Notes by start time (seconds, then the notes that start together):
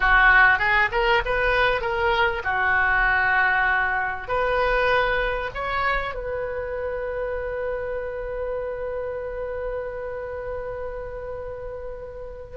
0.00 F#4
0.58 G#4
0.91 A#4
1.25 B4
1.81 A#4
2.44 F#4
4.27 B4
5.54 C#5
6.14 B4